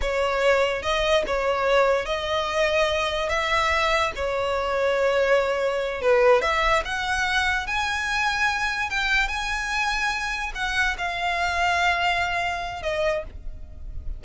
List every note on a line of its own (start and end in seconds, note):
0.01 0.82 C#5
0.82 1.23 D#5
1.26 2.05 C#5
2.05 3.29 D#5
3.29 4.12 E5
4.15 6.01 C#5
6.01 6.41 B4
6.41 6.83 E5
6.85 7.66 F#5
7.66 8.90 G#5
8.90 9.28 G5
9.28 10.52 G#5
10.55 10.96 F#5
10.97 12.82 F5
12.82 13.23 D#5